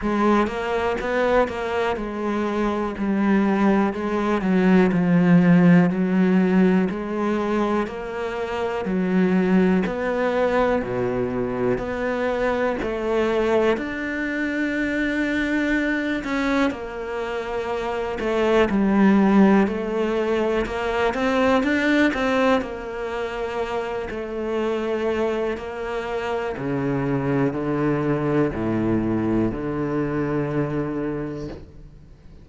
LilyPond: \new Staff \with { instrumentName = "cello" } { \time 4/4 \tempo 4 = 61 gis8 ais8 b8 ais8 gis4 g4 | gis8 fis8 f4 fis4 gis4 | ais4 fis4 b4 b,4 | b4 a4 d'2~ |
d'8 cis'8 ais4. a8 g4 | a4 ais8 c'8 d'8 c'8 ais4~ | ais8 a4. ais4 cis4 | d4 a,4 d2 | }